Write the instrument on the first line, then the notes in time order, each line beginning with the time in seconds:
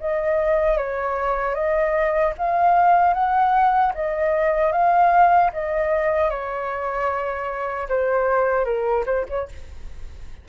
flute
0.00 D#5
0.78 C#5
1.55 D#5
2.38 F5
3.14 F#5
3.94 D#5
4.72 F5
5.53 D#5
6.31 C#5
7.89 C5
8.65 A#4
9.06 C5
9.29 C#5